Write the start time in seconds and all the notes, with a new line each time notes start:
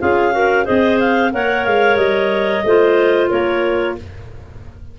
0.00 C#4 F4 G#4 F5
0.32 F#4 A#4
0.65 C4 G#4 C5 D#5
0.99 F5
1.32 A#3 A#4 C#5 F#5
1.65 G#3 F5
1.96 G3 D#5
2.65 A3 F4 C5
3.30 A#3 A#4 C#5